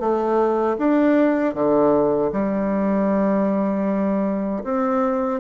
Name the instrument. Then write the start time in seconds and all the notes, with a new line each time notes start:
bassoon
0.00 A3
0.79 D4
1.55 D3
2.33 G3
4.64 C4